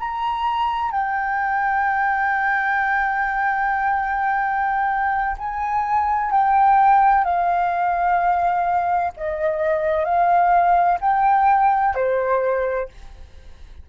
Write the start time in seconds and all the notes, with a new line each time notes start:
0.00 A#5
0.91 G5
5.38 G#5
6.32 G5
7.24 F5
9.17 D#5
10.05 F5
11.01 G5
11.95 C5